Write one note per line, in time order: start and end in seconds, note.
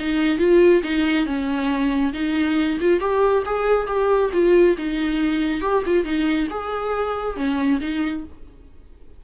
0.00 0.39 D#4
0.39 0.82 F4
0.84 1.26 D#4
1.26 2.13 C#4
2.13 2.79 D#4
2.81 3.00 F4
3.00 3.44 G4
3.46 3.87 G#4
3.87 4.31 G4
4.33 4.77 F4
4.78 5.62 D#4
5.62 5.84 G4
5.86 6.05 F4
6.05 6.48 D#4
6.50 7.37 G#4
7.37 7.80 C#4
7.81 8.24 D#4